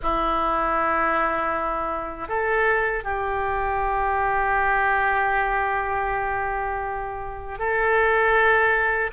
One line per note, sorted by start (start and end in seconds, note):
0.02 2.28 E4
2.28 3.03 A4
3.03 7.58 G4
7.58 9.10 A4